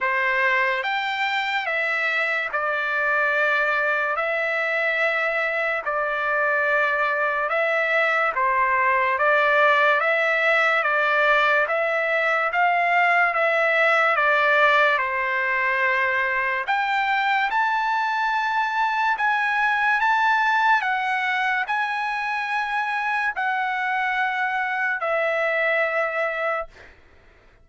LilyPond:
\new Staff \with { instrumentName = "trumpet" } { \time 4/4 \tempo 4 = 72 c''4 g''4 e''4 d''4~ | d''4 e''2 d''4~ | d''4 e''4 c''4 d''4 | e''4 d''4 e''4 f''4 |
e''4 d''4 c''2 | g''4 a''2 gis''4 | a''4 fis''4 gis''2 | fis''2 e''2 | }